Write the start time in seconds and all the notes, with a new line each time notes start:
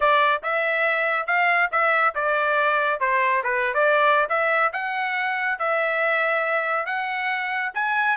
0.00 D5
0.42 E5
1.26 F5
1.71 E5
2.14 D5
2.99 C5
3.43 B4
3.74 D5
4.29 E5
4.73 F#5
5.59 E5
6.86 F#5
7.74 G#5